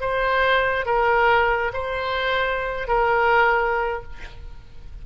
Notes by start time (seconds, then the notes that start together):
0.00 C5
0.85 A#4
1.73 C5
2.87 A#4